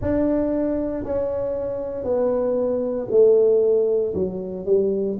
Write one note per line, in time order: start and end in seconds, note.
0.01 1.03 D4
1.03 2.04 C#4
2.04 3.07 B3
3.10 4.13 A3
4.14 4.66 F#3
4.66 5.17 G3